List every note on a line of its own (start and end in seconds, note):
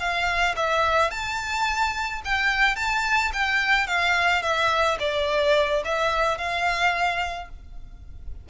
0.00 0.56 F5
0.57 1.11 E5
1.11 2.22 A5
2.25 2.76 G5
2.76 3.32 A5
3.33 3.87 G5
3.87 4.42 F5
4.42 4.98 E5
5.00 5.83 D5
5.85 6.38 E5
6.38 7.49 F5